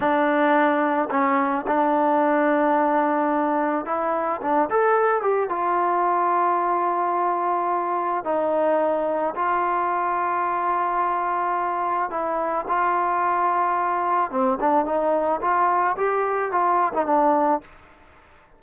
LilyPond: \new Staff \with { instrumentName = "trombone" } { \time 4/4 \tempo 4 = 109 d'2 cis'4 d'4~ | d'2. e'4 | d'8 a'4 g'8 f'2~ | f'2. dis'4~ |
dis'4 f'2.~ | f'2 e'4 f'4~ | f'2 c'8 d'8 dis'4 | f'4 g'4 f'8. dis'16 d'4 | }